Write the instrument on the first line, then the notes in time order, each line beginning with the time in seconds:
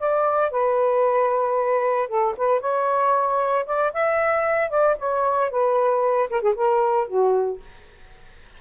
saxophone
0.00 D5
0.51 B4
2.09 A4
2.38 B4
2.61 C#5
3.67 D5
3.94 E5
4.70 D5
4.99 C#5
5.51 B4
6.31 A#4
6.42 G#4
6.56 A#4
7.08 F#4